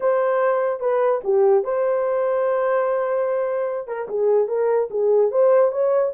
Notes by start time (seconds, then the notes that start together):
0.00 C5
0.79 B4
1.24 G4
1.64 C5
3.87 A#4
4.08 G#4
4.47 A#4
4.90 G#4
5.31 C5
5.71 C#5